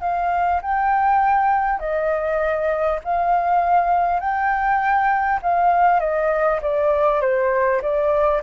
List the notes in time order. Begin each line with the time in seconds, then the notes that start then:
0.00 F5
0.61 G5
1.79 D#5
3.04 F5
4.19 G5
5.42 F5
5.99 D#5
6.62 D5
7.21 C5
7.81 D5